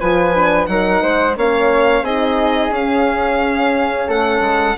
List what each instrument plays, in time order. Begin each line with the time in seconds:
0.00 bassoon F3, horn F4, flute B4, violin G#5
0.35 horn D4
0.66 bassoon F#3, horn D#4, flute A#4, violin F#5
1.02 bassoon G#3, flute C5
1.37 bassoon A#3, horn C#4, flute C#5, violin F5
2.02 bassoon C4, horn D#4, flute G#4, violin D#5
2.70 bassoon C#4, horn C#4, violin F5
4.08 bassoon A3, flute A4, violin F#5
4.40 bassoon G#3